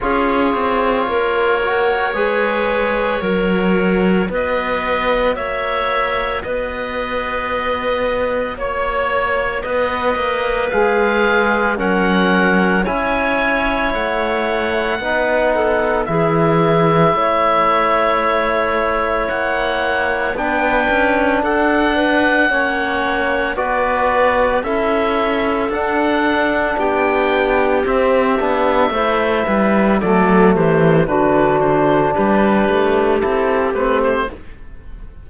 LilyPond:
<<
  \new Staff \with { instrumentName = "oboe" } { \time 4/4 \tempo 4 = 56 cis''1 | dis''4 e''4 dis''2 | cis''4 dis''4 f''4 fis''4 | gis''4 fis''2 e''4~ |
e''2 fis''4 g''4 | fis''2 d''4 e''4 | fis''4 g''4 e''2 | d''8 c''8 b'8 c''8 b'4 a'8 b'16 c''16 | }
  \new Staff \with { instrumentName = "clarinet" } { \time 4/4 gis'4 ais'4 b'4 ais'4 | b'4 cis''4 b'2 | cis''4 b'2 ais'4 | cis''2 b'8 a'8 gis'4 |
cis''2. b'4 | a'8 b'8 cis''4 b'4 a'4~ | a'4 g'2 c''8 b'8 | a'8 g'8 fis'4 g'2 | }
  \new Staff \with { instrumentName = "trombone" } { \time 4/4 f'4. fis'8 gis'4 fis'4~ | fis'1~ | fis'2 gis'4 cis'4 | e'2 dis'4 e'4~ |
e'2. d'4~ | d'4 cis'4 fis'4 e'4 | d'2 c'8 d'8 e'4 | a4 d'2 e'8 c'8 | }
  \new Staff \with { instrumentName = "cello" } { \time 4/4 cis'8 c'8 ais4 gis4 fis4 | b4 ais4 b2 | ais4 b8 ais8 gis4 fis4 | cis'4 a4 b4 e4 |
a2 ais4 b8 cis'8 | d'4 ais4 b4 cis'4 | d'4 b4 c'8 b8 a8 g8 | fis8 e8 d4 g8 a8 c'8 a8 | }
>>